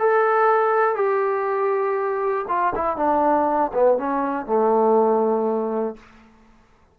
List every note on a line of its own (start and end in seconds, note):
0.00 0.96 A4
0.96 2.46 G4
2.49 2.74 F4
2.75 2.97 E4
2.97 3.72 D4
3.74 3.98 B3
3.98 4.46 C#4
4.46 5.96 A3